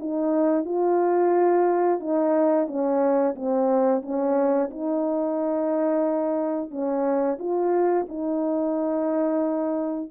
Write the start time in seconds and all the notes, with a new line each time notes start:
0.00 D#4
0.65 F4
2.00 D#4
2.68 C#4
3.36 C4
4.03 C#4
4.71 D#4
6.71 C#4
7.39 F4
8.09 D#4